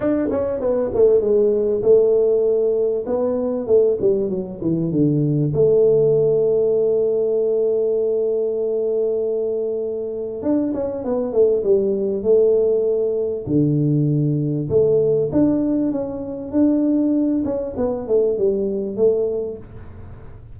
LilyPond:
\new Staff \with { instrumentName = "tuba" } { \time 4/4 \tempo 4 = 98 d'8 cis'8 b8 a8 gis4 a4~ | a4 b4 a8 g8 fis8 e8 | d4 a2.~ | a1~ |
a4 d'8 cis'8 b8 a8 g4 | a2 d2 | a4 d'4 cis'4 d'4~ | d'8 cis'8 b8 a8 g4 a4 | }